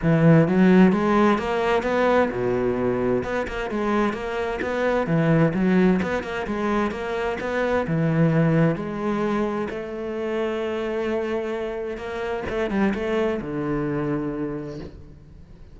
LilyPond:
\new Staff \with { instrumentName = "cello" } { \time 4/4 \tempo 4 = 130 e4 fis4 gis4 ais4 | b4 b,2 b8 ais8 | gis4 ais4 b4 e4 | fis4 b8 ais8 gis4 ais4 |
b4 e2 gis4~ | gis4 a2.~ | a2 ais4 a8 g8 | a4 d2. | }